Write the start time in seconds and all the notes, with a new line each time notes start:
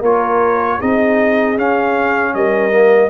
0.00 A#3 F4 A#4 C#5
0.79 C4 D#4 G#4 D#5
1.56 C#4 F5
2.34 G3 A#4 D#5
2.71 A#3